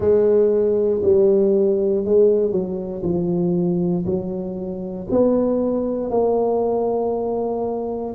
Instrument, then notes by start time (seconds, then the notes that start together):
tuba
0.00 G#3
1.03 G3
2.04 G#3
2.51 F#3
3.03 F3
4.05 F#3
5.10 B3
6.10 A#3